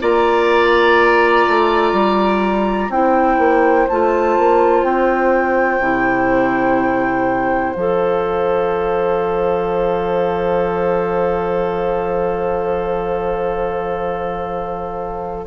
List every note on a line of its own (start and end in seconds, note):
0.00 1.46 A#3
0.00 2.90 F4
0.00 2.91 D5
0.00 2.91 A#5
1.48 1.92 A3
1.92 2.89 G3
2.89 3.37 C4
2.89 3.88 E4
2.89 15.46 C5
2.89 3.88 G5
3.38 3.86 A#3
3.88 4.38 A3
3.88 5.81 F4
3.88 4.84 A5
4.38 4.83 A#3
4.83 5.79 C4
4.83 7.73 G5
5.79 7.73 C3
5.79 7.75 E4
7.73 15.46 F3
7.73 15.46 A4
7.73 15.46 F5